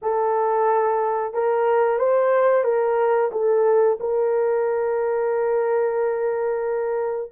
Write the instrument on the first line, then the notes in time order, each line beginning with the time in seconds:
horn
0.02 A4
1.33 A#4
1.98 C5
2.64 A#4
3.31 A4
4.00 A#4